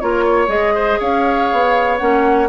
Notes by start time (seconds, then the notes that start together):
0.00 A#3 F4 A#4 C#5
0.25 C#5
0.48 G#3 G#4 D#5
0.74 C5
0.99 C#4 C#5 F5
1.52 B3
1.98 A#3 C#4 F#5